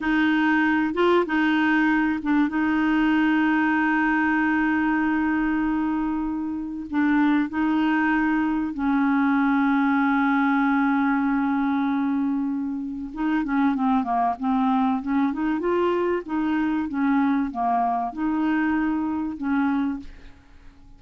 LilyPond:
\new Staff \with { instrumentName = "clarinet" } { \time 4/4 \tempo 4 = 96 dis'4. f'8 dis'4. d'8 | dis'1~ | dis'2. d'4 | dis'2 cis'2~ |
cis'1~ | cis'4 dis'8 cis'8 c'8 ais8 c'4 | cis'8 dis'8 f'4 dis'4 cis'4 | ais4 dis'2 cis'4 | }